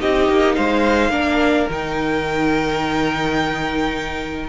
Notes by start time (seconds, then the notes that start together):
0.00 C4 D#4 G4 D#5
0.29 A#3
0.55 G#3 C5 F5
1.09 A#3 D4 A#4
1.69 D#3 D#4 G5